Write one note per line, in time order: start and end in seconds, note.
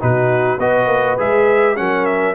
0.00 0.58 B2
0.00 0.59 D#4
0.00 0.60 F#4
0.00 0.60 B4
0.58 0.87 B3
0.58 1.18 F#4
0.58 1.77 B4
0.58 1.19 D#5
0.87 1.16 A#3
1.18 1.80 G#3
1.18 1.76 G#4
1.18 1.77 E5
1.76 2.35 F#3
1.76 2.35 C#4
1.76 2.35 A#4
1.76 2.06 F#5
2.06 2.35 E5